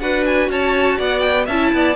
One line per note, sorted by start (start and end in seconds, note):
0.00 0.49 D4
0.00 1.47 F#4
0.00 0.50 B4
0.00 0.24 F#5
0.26 0.50 G#5
0.49 0.98 C#4
0.49 0.98 C#5
0.49 1.00 A5
0.98 1.48 B3
0.98 1.45 D5
0.98 1.20 F#5
1.20 1.45 G5
1.45 1.72 C#4
1.45 1.70 E5
1.45 1.95 A5
1.52 1.95 E4
1.73 1.95 B3
1.73 1.95 D5